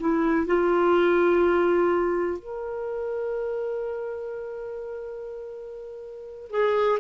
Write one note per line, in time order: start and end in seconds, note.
0.00 0.46 E4
0.46 2.39 F4
2.39 6.51 A#4
6.51 6.99 G#4